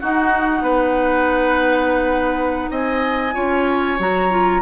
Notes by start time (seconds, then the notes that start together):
0.00 D#4 F#4 F#5
0.61 B3 B4
2.70 C4 D#5 G#5
3.34 C#4 F4 C#5
3.99 F#3 F#4 A#5
4.30 F4